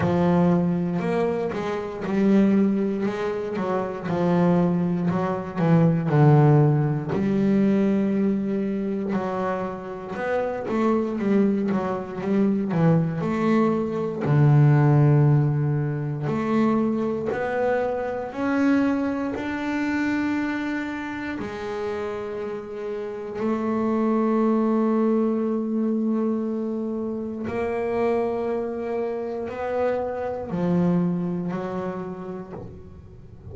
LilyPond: \new Staff \with { instrumentName = "double bass" } { \time 4/4 \tempo 4 = 59 f4 ais8 gis8 g4 gis8 fis8 | f4 fis8 e8 d4 g4~ | g4 fis4 b8 a8 g8 fis8 | g8 e8 a4 d2 |
a4 b4 cis'4 d'4~ | d'4 gis2 a4~ | a2. ais4~ | ais4 b4 f4 fis4 | }